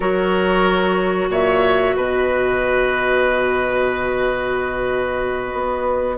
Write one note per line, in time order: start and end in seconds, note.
0.00 1.28 F#3
0.00 6.16 F#4
0.00 1.28 A#4
0.00 1.31 C#5
1.28 1.93 A#2
1.28 1.96 C#5
1.28 1.96 E5
1.95 5.53 B2
1.95 6.17 B4
1.95 6.17 D#5
5.53 6.17 B3